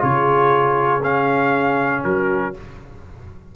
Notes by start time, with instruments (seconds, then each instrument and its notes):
0.00 tuba C#3, trombone F4, horn G#4, trumpet C#5
1.03 trombone C#4, trumpet F5
2.04 tuba F#3, horn F#4, trumpet A#4